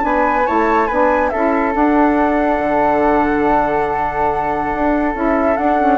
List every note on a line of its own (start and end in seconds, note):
0.00 0.46 B3
0.00 0.43 D4
0.00 0.46 B4
0.00 0.47 G#5
0.45 0.89 A3
0.45 0.87 E4
0.45 0.87 C#5
0.45 0.87 A5
0.87 1.32 B3
0.87 1.33 D4
0.87 1.30 B4
0.87 1.29 G#5
1.29 1.75 C#4
1.29 1.72 E4
1.29 5.98 A4
1.29 1.72 E5
1.72 5.12 D4
1.72 2.59 D4
1.72 5.16 F#5
2.59 4.72 D3
4.74 5.14 D4
5.13 5.57 C#4
5.13 5.56 E4
5.13 5.57 E5
5.57 5.98 D4
5.57 5.80 D4
5.57 5.98 F#5
5.80 5.98 C#4